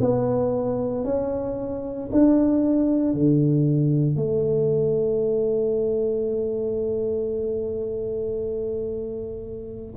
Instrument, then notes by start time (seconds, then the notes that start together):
tuba
0.00 B3
1.04 C#4
2.12 D4
3.13 D3
4.16 A3